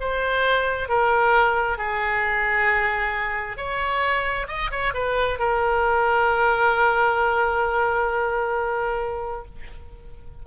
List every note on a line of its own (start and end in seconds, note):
0.00 0.89 C5
0.89 1.78 A#4
1.78 3.57 G#4
3.57 4.47 C#5
4.48 4.70 D#5
4.71 4.93 C#5
4.94 5.39 B4
5.39 9.45 A#4